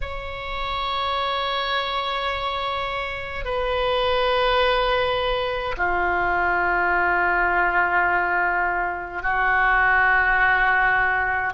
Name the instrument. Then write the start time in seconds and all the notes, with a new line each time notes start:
oboe
0.01 C#5
3.44 B4
5.77 F4
9.22 F#4